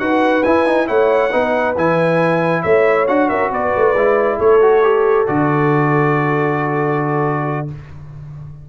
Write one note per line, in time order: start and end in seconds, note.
0.00 0.44 D#4
0.00 0.44 F#4
0.00 0.88 B4
0.00 0.44 F#5
0.44 0.67 E4
0.44 0.90 E4
0.44 0.87 G#5
0.67 0.87 D#4
0.87 1.33 A3
0.87 1.31 E4
0.87 1.32 C#5
0.87 1.76 F#5
1.32 1.77 B3
1.32 1.76 D#4
1.32 2.63 B4
1.77 2.64 E3
1.77 3.08 E4
1.77 2.63 G#5
2.63 3.09 A3
2.63 3.29 C#5
2.63 3.06 E5
3.08 3.30 D4
3.08 3.95 F#4
3.08 3.29 F#5
3.29 3.52 C#4
3.29 3.51 A#4
3.29 3.51 E5
3.52 3.74 B3
3.52 4.38 B4
3.52 4.40 D5
3.77 3.95 A3
3.95 4.39 G#3
3.95 4.62 E4
4.38 5.28 A3
4.38 7.67 A4
4.38 5.28 C#5
4.62 4.83 F#4
4.83 5.27 G4
5.27 7.70 D3
5.27 7.68 F#4
5.27 7.69 D5